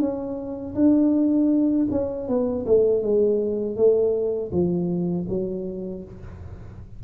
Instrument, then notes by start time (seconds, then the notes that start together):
tuba
0.00 C#4
0.75 D4
1.91 C#4
2.28 B3
2.67 A3
3.03 G#3
3.76 A3
4.52 F3
5.29 F#3